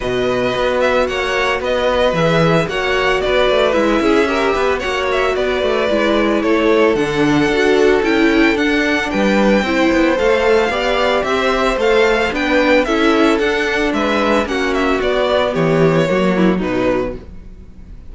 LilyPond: <<
  \new Staff \with { instrumentName = "violin" } { \time 4/4 \tempo 4 = 112 dis''4. e''8 fis''4 dis''4 | e''4 fis''4 d''4 e''4~ | e''4 fis''8 e''8 d''2 | cis''4 fis''2 g''4 |
fis''4 g''2 f''4~ | f''4 e''4 f''4 g''4 | e''4 fis''4 e''4 fis''8 e''8 | d''4 cis''2 b'4 | }
  \new Staff \with { instrumentName = "violin" } { \time 4/4 b'2 cis''4 b'4~ | b'4 cis''4 b'4. gis'8 | ais'8 b'8 cis''4 b'2 | a'1~ |
a'4 b'4 c''2 | d''4 c''2 b'4 | a'2 b'4 fis'4~ | fis'4 g'4 fis'8 e'8 dis'4 | }
  \new Staff \with { instrumentName = "viola" } { \time 4/4 fis'1 | gis'4 fis'2 e'4 | g'4 fis'2 e'4~ | e'4 d'4 fis'4 e'4 |
d'2 e'4 a'4 | g'2 a'4 d'4 | e'4 d'2 cis'4 | b2 ais4 fis4 | }
  \new Staff \with { instrumentName = "cello" } { \time 4/4 b,4 b4 ais4 b4 | e4 ais4 b8 a8 gis8 cis'8~ | cis'8 b8 ais4 b8 a8 gis4 | a4 d4 d'4 cis'4 |
d'4 g4 c'8 b8 a4 | b4 c'4 a4 b4 | cis'4 d'4 gis4 ais4 | b4 e4 fis4 b,4 | }
>>